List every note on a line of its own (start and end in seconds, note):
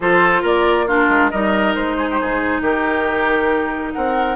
0.00 0.43 F3
0.00 0.88 F4
0.00 0.41 A4
0.00 0.45 C5
0.41 1.08 A#3
0.41 0.85 A#4
0.41 0.89 D5
0.87 1.31 D4
0.87 1.30 F4
0.87 1.30 A#4
1.08 1.30 G#3
1.30 1.75 G3
1.30 4.36 D#4
1.30 1.96 A#4
1.30 1.74 D#5
1.75 2.19 G#3
1.75 2.62 C5
1.97 2.08 G#4
2.10 2.20 G4
2.20 2.61 G#2
2.20 2.61 G#4
2.61 3.92 D#3
2.61 3.93 G4
2.61 3.92 A#4
3.92 4.36 C4
3.92 4.36 A#4
3.92 4.36 F#5